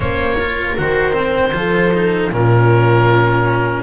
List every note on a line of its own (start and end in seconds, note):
0.00 0.76 A#3
0.00 0.35 C#4
0.00 0.37 C5
0.00 0.76 C#5
0.37 0.77 F4
0.37 1.52 A#4
0.77 1.54 D#3
0.77 1.12 F#4
0.77 2.33 C5
1.12 1.51 C4
1.53 2.31 F3
1.53 1.91 F4
1.53 2.32 A4
1.93 2.31 D#4
2.31 3.83 A#2
2.31 3.83 C#4
2.31 3.83 F4
2.31 3.83 A#4